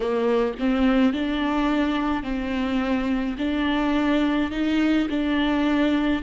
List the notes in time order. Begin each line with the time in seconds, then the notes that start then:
0.00 A#3
0.59 C4
1.13 D4
2.23 C4
3.38 D4
4.51 D#4
5.09 D4